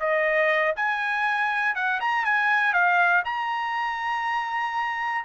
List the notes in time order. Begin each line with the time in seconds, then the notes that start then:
0.00 D#5
0.76 G#5
1.75 F#5
2.01 A#5
2.25 G#5
2.73 F5
3.25 A#5